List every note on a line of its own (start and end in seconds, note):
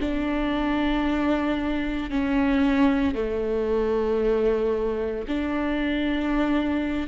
0.00 2.11 D4
2.11 3.15 C#4
3.15 5.25 A3
5.28 7.08 D4